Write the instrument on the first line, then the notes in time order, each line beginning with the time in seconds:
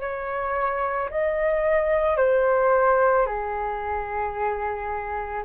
flute
0.00 C#5
1.10 D#5
2.17 C5
3.26 G#4